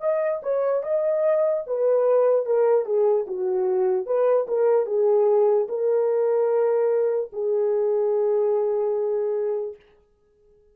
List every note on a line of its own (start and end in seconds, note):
0.00 0.41 D#5
0.42 0.83 C#5
0.83 1.64 D#5
1.66 2.45 B4
2.45 2.85 A#4
2.85 3.25 G#4
3.27 4.06 F#4
4.06 4.46 B4
4.48 4.86 A#4
4.86 5.67 G#4
5.68 7.30 A#4
7.32 9.76 G#4